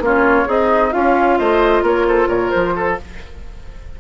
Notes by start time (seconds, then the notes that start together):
0.00 A#3 C#4 F4
0.06 C#5
0.45 C4 D#4 G#4 D#5
0.91 C#4 F4 F5
1.38 A3 C5 D#5
1.82 A#3 A#4 C#5
2.07 A4 C5
2.28 A#2 A#4 C#5
2.50 F3 C5
2.76 A4